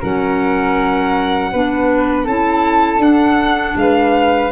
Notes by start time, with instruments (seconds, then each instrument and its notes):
0.00 tuba F#3, clarinet C#4, flute A#4, violin F#5
1.52 tuba B3, clarinet D4, flute B4
2.25 tuba C#4, clarinet E4, flute A4, violin A5
2.98 tuba D4, clarinet D4, violin F#5
3.75 tuba G#3, flute B4, violin F5